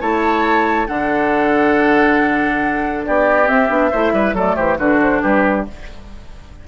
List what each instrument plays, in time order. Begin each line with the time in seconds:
0.00 bassoon A3, clarinet E4, oboe C#5, flute A5
0.87 bassoon D3, clarinet D4, oboe A4, flute F#5
3.05 bassoon B3, oboe G4, flute D5
3.44 clarinet C4, bassoon C4, flute E5
3.68 bassoon B3, clarinet D4
3.90 bassoon A3, clarinet E4, oboe C5
4.12 bassoon G3, oboe B4
4.33 bassoon F#3, clarinet A3, oboe A4, flute D5
4.55 bassoon E3, oboe G4, flute C5
4.77 bassoon D3, clarinet D4, oboe F#4, flute B4
5.01 flute C5
5.22 bassoon G3, oboe G4, flute B4